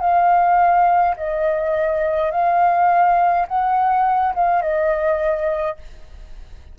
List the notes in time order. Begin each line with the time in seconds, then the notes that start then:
0.00 F5
1.16 D#5
2.31 F5
3.47 F#5
4.34 F5
4.62 D#5